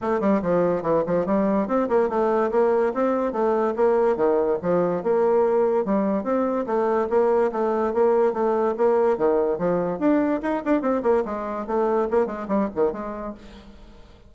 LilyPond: \new Staff \with { instrumentName = "bassoon" } { \time 4/4 \tempo 4 = 144 a8 g8 f4 e8 f8 g4 | c'8 ais8 a4 ais4 c'4 | a4 ais4 dis4 f4 | ais2 g4 c'4 |
a4 ais4 a4 ais4 | a4 ais4 dis4 f4 | d'4 dis'8 d'8 c'8 ais8 gis4 | a4 ais8 gis8 g8 dis8 gis4 | }